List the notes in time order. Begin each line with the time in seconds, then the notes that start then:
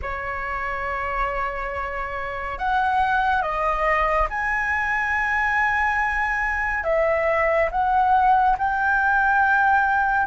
0.02 C#5
2.58 F#5
3.42 D#5
4.29 G#5
6.83 E5
7.71 F#5
8.58 G5